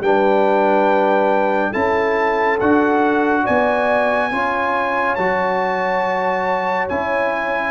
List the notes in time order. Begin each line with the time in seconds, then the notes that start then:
0.00 G3 D4 B4 G5
1.71 C#4 E4 A4 A5
2.60 D4 F#4 F#5
3.44 B3 D5 G#5
4.31 C#4 F4 C#5
5.15 F#3 F#4 A5
6.89 C#4 E4 G#5